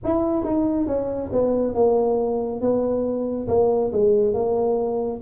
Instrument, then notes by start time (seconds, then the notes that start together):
tuba
0.04 E4
0.44 D#4
0.87 C#4
1.32 B3
1.74 A#3
2.60 B3
3.48 A#3
3.92 G#3
4.33 A#3